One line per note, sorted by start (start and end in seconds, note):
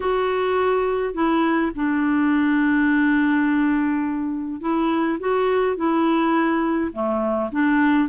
0.00 1.14 F#4
1.14 1.72 E4
1.75 4.60 D4
4.60 5.18 E4
5.19 5.76 F#4
5.76 6.91 E4
6.92 7.50 A3
7.51 8.08 D4